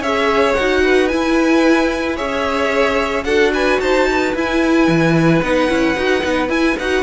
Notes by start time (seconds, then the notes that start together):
0.00 C#4 G#4 C#5 E5
0.54 D#4 F#4 F#5
0.84 B4
1.08 E4 G#5
2.16 C#4 G#4 C#5 E5
3.24 D4 F#4 A4 F#5
3.54 B4 G#5
3.80 D#4 C5 A5
4.11 B4
4.34 E4 G#5
4.88 E3
5.42 B3 D#4 F#5
5.68 C#4 E4
5.96 D#4 F#4
6.21 B3 D#4
6.49 E4 G#5
6.79 D#4 F#4 F#5